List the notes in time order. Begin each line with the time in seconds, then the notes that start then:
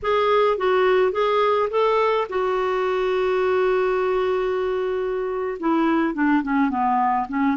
0.02 G#4
0.57 F#4
1.11 G#4
1.70 A4
2.29 F#4
5.59 E4
6.14 D4
6.42 C#4
6.69 B3
7.28 C#4